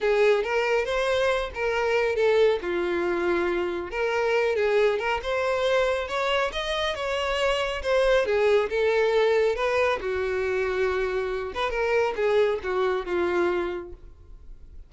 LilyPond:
\new Staff \with { instrumentName = "violin" } { \time 4/4 \tempo 4 = 138 gis'4 ais'4 c''4. ais'8~ | ais'4 a'4 f'2~ | f'4 ais'4. gis'4 ais'8 | c''2 cis''4 dis''4 |
cis''2 c''4 gis'4 | a'2 b'4 fis'4~ | fis'2~ fis'8 b'8 ais'4 | gis'4 fis'4 f'2 | }